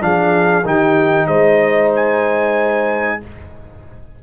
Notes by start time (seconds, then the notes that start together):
0.00 F3 D4 G#4 F5
0.65 D#3 D#4 G4 G5
1.27 G#3 C5 D#5
1.95 G#5